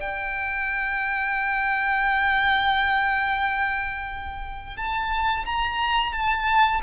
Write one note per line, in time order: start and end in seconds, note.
0.00 4.76 G5
4.76 5.45 A5
5.45 6.12 A#5
6.12 6.81 A5